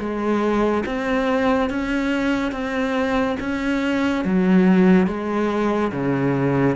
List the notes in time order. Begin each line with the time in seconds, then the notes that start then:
0.00 G#3
0.86 C4
1.70 C#4
2.52 C4
3.40 C#4
4.25 F#3
5.07 G#3
5.92 C#3